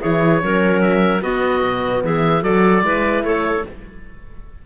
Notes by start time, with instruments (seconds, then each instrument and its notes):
0.00 cello E3, horn E4, clarinet G#4, oboe C#5
0.40 cello F#3, horn C#4, clarinet A#4
0.81 oboe E5
1.21 cello B3, horn B3, clarinet F#4, oboe D#5
1.62 cello B2
2.03 cello E3, clarinet G#4, oboe E5
2.42 cello F#3, horn F#4, clarinet A4, oboe D5
2.82 cello G#3, horn E4, clarinet B4
3.23 cello A3, clarinet A4, oboe C#5